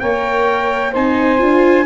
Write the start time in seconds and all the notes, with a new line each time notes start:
0.00 A#3 A#4 C#5 G5
0.92 C4 D#4 C5 G#5
1.38 D4 F4